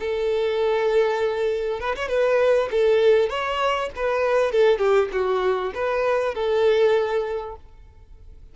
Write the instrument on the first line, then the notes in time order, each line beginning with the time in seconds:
violin
0.00 A4
1.80 B4
1.96 C#5
2.08 B4
2.71 A4
3.29 C#5
3.96 B4
4.52 A4
4.79 G4
5.12 F#4
5.75 B4
6.34 A4